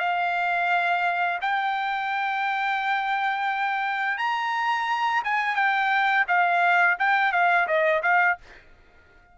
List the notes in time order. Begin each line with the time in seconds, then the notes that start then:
0.00 F5
1.42 G5
4.18 A#5
5.25 G#5
5.56 G5
6.28 F5
6.99 G5
7.33 F5
7.68 D#5
8.03 F5